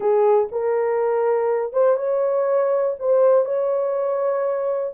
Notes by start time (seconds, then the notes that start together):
0.00 G#4
0.51 A#4
1.72 C5
1.96 C#5
2.99 C5
3.45 C#5